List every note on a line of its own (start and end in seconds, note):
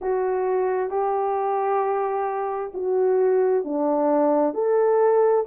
0.01 0.90 F#4
0.90 2.71 G4
2.74 3.64 F#4
3.64 4.54 D4
4.54 5.45 A4